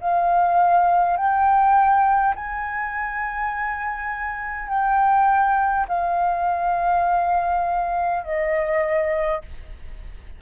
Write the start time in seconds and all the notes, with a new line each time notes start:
0.00 F5
1.17 G5
2.35 G#5
4.69 G5
5.88 F5
8.24 D#5